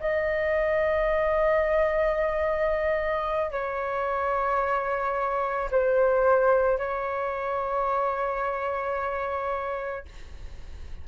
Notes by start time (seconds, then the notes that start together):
0.00 D#5
3.51 C#5
5.71 C5
6.78 C#5